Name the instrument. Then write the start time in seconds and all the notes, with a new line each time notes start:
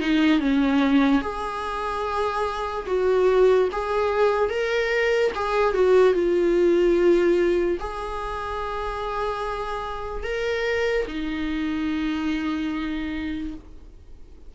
viola
0.00 D#4
0.39 C#4
1.21 G#4
2.86 F#4
3.72 G#4
4.49 A#4
5.35 G#4
5.74 F#4
6.13 F4
7.79 G#4
10.23 A#4
11.08 D#4